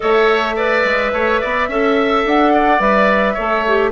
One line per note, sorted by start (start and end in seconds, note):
0.00 0.84 A3
0.00 0.55 A4
0.00 0.55 C#5
0.00 2.23 E5
0.55 1.68 B4
0.55 1.11 D5
0.84 1.12 G#3
1.12 1.41 A3
1.12 1.40 C#5
1.40 1.68 B3
1.40 1.68 D5
1.68 2.24 C#4
1.68 2.79 A4
1.68 2.53 E5
2.25 2.79 D4
2.25 2.80 F#5
2.53 3.33 D5
2.79 3.35 G3
2.79 3.35 B4
2.79 3.92 E5
3.33 3.92 A3
3.33 3.66 A4
3.33 3.89 C#5
3.67 3.92 G4